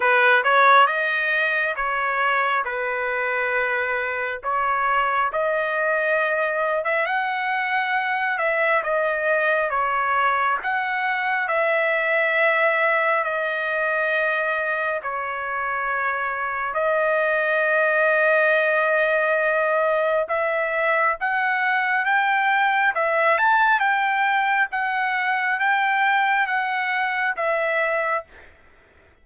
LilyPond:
\new Staff \with { instrumentName = "trumpet" } { \time 4/4 \tempo 4 = 68 b'8 cis''8 dis''4 cis''4 b'4~ | b'4 cis''4 dis''4.~ dis''16 e''16 | fis''4. e''8 dis''4 cis''4 | fis''4 e''2 dis''4~ |
dis''4 cis''2 dis''4~ | dis''2. e''4 | fis''4 g''4 e''8 a''8 g''4 | fis''4 g''4 fis''4 e''4 | }